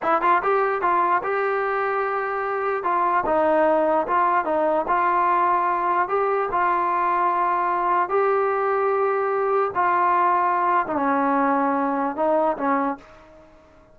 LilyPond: \new Staff \with { instrumentName = "trombone" } { \time 4/4 \tempo 4 = 148 e'8 f'8 g'4 f'4 g'4~ | g'2. f'4 | dis'2 f'4 dis'4 | f'2. g'4 |
f'1 | g'1 | f'2~ f'8. dis'16 cis'4~ | cis'2 dis'4 cis'4 | }